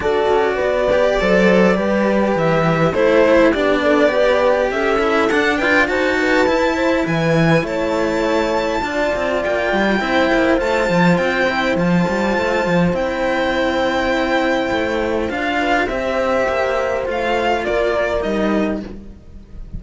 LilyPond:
<<
  \new Staff \with { instrumentName = "violin" } { \time 4/4 \tempo 4 = 102 d''1 | e''4 c''4 d''2 | e''4 fis''8 g''8 a''2 | gis''4 a''2. |
g''2 a''4 g''4 | a''2 g''2~ | g''2 f''4 e''4~ | e''4 f''4 d''4 dis''4 | }
  \new Staff \with { instrumentName = "horn" } { \time 4/4 a'4 b'4 c''4 b'4~ | b'4 a'4 g'8 a'8 b'4 | a'4. b'8 c''8 b'4 c''8 | b'4 cis''2 d''4~ |
d''4 c''2.~ | c''1~ | c''2~ c''8 b'8 c''4~ | c''2 ais'2 | }
  \new Staff \with { instrumentName = "cello" } { \time 4/4 fis'4. g'8 a'4 g'4~ | g'4 e'4 d'4 g'4~ | g'8 e'8 d'8 f'8 fis'4 e'4~ | e'2. f'4~ |
f'4 e'4 f'4. e'8 | f'2 e'2~ | e'2 f'4 g'4~ | g'4 f'2 dis'4 | }
  \new Staff \with { instrumentName = "cello" } { \time 4/4 d'8 cis'8 b4 fis4 g4 | e4 a4 b2 | cis'4 d'4 dis'4 e'4 | e4 a2 d'8 c'8 |
ais8 g8 c'8 ais8 a8 f8 c'4 | f8 g8 a8 f8 c'2~ | c'4 a4 d'4 c'4 | ais4 a4 ais4 g4 | }
>>